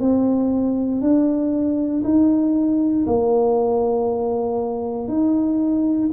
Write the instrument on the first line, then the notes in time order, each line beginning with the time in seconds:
tuba
0.00 C4
1.01 D4
2.04 D#4
3.06 A#3
5.08 D#4